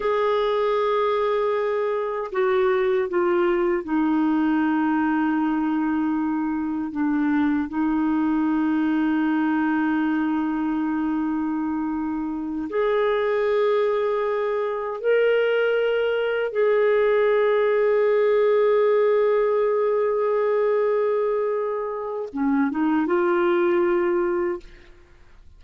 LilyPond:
\new Staff \with { instrumentName = "clarinet" } { \time 4/4 \tempo 4 = 78 gis'2. fis'4 | f'4 dis'2.~ | dis'4 d'4 dis'2~ | dis'1~ |
dis'8 gis'2. ais'8~ | ais'4. gis'2~ gis'8~ | gis'1~ | gis'4 cis'8 dis'8 f'2 | }